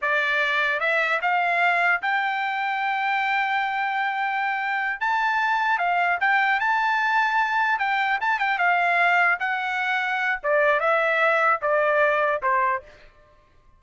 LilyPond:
\new Staff \with { instrumentName = "trumpet" } { \time 4/4 \tempo 4 = 150 d''2 e''4 f''4~ | f''4 g''2.~ | g''1~ | g''8 a''2 f''4 g''8~ |
g''8 a''2. g''8~ | g''8 a''8 g''8 f''2 fis''8~ | fis''2 d''4 e''4~ | e''4 d''2 c''4 | }